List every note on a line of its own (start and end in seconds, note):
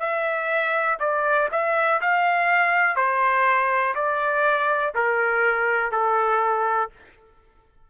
0.00 0.98 E5
1.00 1.49 D5
1.52 2.01 E5
2.01 2.96 F5
2.96 3.95 C5
3.95 4.94 D5
4.95 5.92 A#4
5.92 6.90 A4